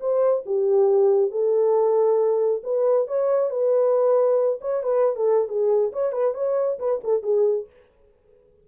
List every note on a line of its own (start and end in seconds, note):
0.00 0.44 C5
0.45 1.31 G4
1.31 2.62 A4
2.63 3.07 B4
3.07 3.50 C#5
3.50 4.59 B4
4.61 4.83 C#5
4.83 5.16 B4
5.16 5.48 A4
5.48 5.92 G#4
5.92 6.12 C#5
6.12 6.34 B4
6.34 6.78 C#5
6.79 7.01 B4
7.04 7.23 A4
7.23 7.66 G#4